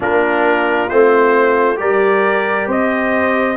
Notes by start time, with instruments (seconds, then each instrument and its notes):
0.00 tuba A#3, trombone D4, horn F4, trumpet A#4
0.89 tuba A3, trombone C4, trumpet C5
1.76 tuba G3, trombone G4, horn A#4, trumpet D5
2.67 tuba C4, horn C5, trumpet D#5